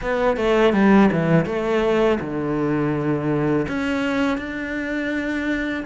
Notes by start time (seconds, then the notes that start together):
0.01 B3
0.36 A3
0.73 G3
1.12 E3
1.45 A3
2.20 D3
3.68 C#4
4.37 D4